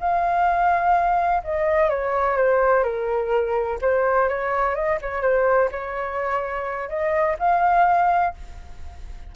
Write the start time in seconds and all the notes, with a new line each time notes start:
0.00 F5
1.44 D#5
1.89 C#5
2.37 C5
2.83 A#4
3.82 C5
4.29 C#5
4.75 D#5
5.02 C#5
5.22 C5
5.71 C#5
6.89 D#5
7.39 F5